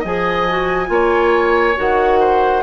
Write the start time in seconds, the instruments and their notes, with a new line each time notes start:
0.00 bassoon F3, clarinet G#4, oboe D#5, flute G#5
0.49 clarinet F#4
0.87 bassoon A#3, clarinet F4, oboe C#5
1.77 bassoon D#3, clarinet F#4, flute F#5
2.20 oboe C5